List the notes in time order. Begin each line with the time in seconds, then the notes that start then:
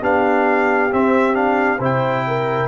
0.00 B3 D4 G4 F5
0.92 C4 E5
1.34 D4 F5
1.78 C3 E4 C5 G5
2.27 A#4